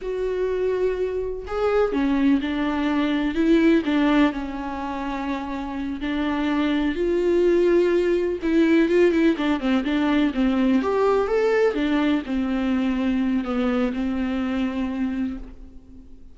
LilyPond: \new Staff \with { instrumentName = "viola" } { \time 4/4 \tempo 4 = 125 fis'2. gis'4 | cis'4 d'2 e'4 | d'4 cis'2.~ | cis'8 d'2 f'4.~ |
f'4. e'4 f'8 e'8 d'8 | c'8 d'4 c'4 g'4 a'8~ | a'8 d'4 c'2~ c'8 | b4 c'2. | }